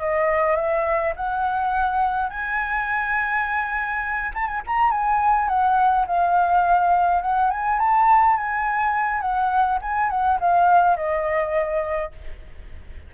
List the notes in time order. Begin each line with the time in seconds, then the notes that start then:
0.00 D#5
0.56 E5
1.16 F#5
2.30 G#5
4.34 A5
4.48 G#5
4.67 A#5
4.91 G#5
5.49 F#5
6.07 F5
7.22 F#5
7.51 G#5
7.80 A5
8.37 G#5
9.22 F#5
9.82 G#5
10.10 F#5
10.41 F5
10.97 D#5